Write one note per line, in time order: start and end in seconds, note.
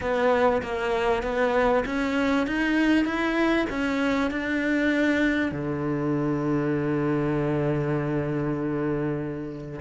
0.01 0.62 B3
0.62 1.22 A#3
1.22 1.84 B3
1.85 2.46 C#4
2.46 3.04 D#4
3.04 3.66 E4
3.69 4.31 C#4
4.31 5.51 D4
5.51 9.80 D3